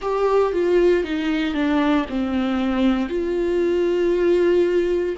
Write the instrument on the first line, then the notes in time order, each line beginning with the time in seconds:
viola
0.01 G4
0.52 F4
1.03 D#4
1.53 D4
2.09 C4
3.08 F4